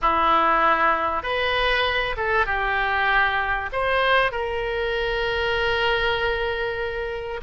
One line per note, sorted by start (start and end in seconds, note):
0.01 1.22 E4
1.22 2.15 B4
2.16 2.46 A4
2.46 3.69 G4
3.72 4.31 C5
4.31 7.40 A#4